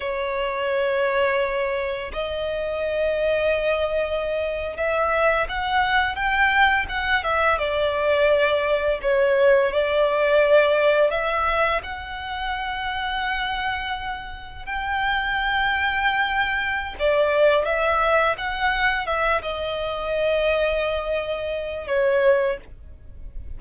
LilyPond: \new Staff \with { instrumentName = "violin" } { \time 4/4 \tempo 4 = 85 cis''2. dis''4~ | dis''2~ dis''8. e''4 fis''16~ | fis''8. g''4 fis''8 e''8 d''4~ d''16~ | d''8. cis''4 d''2 e''16~ |
e''8. fis''2.~ fis''16~ | fis''8. g''2.~ g''16 | d''4 e''4 fis''4 e''8 dis''8~ | dis''2. cis''4 | }